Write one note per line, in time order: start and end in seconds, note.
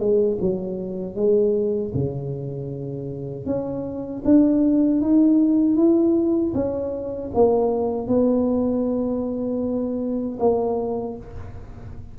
0.00 0.38 G#3
0.42 1.16 F#3
1.16 1.93 G#3
1.94 3.47 C#3
3.47 4.23 C#4
4.25 5.02 D4
5.02 5.77 D#4
5.77 6.54 E4
6.55 7.32 C#4
7.35 8.08 A#3
8.08 10.39 B3
10.40 11.17 A#3